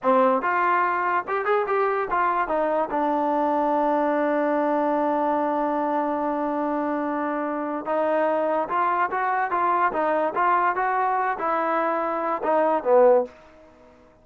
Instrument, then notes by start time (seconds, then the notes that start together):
trombone
0.02 C4
0.42 F4
1.27 G4
1.45 G#4
1.67 G4
2.10 F4
2.48 D#4
2.90 D4
7.85 D#4
8.68 F4
9.10 F#4
9.50 F4
9.92 D#4
10.34 F4
10.75 F#4
11.38 E4
12.43 D#4
12.83 B3